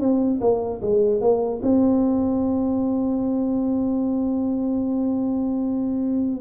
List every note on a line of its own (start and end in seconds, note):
0.00 0.40 C4
0.41 0.81 A#3
0.81 1.21 G#3
1.21 1.61 A#3
1.62 6.41 C4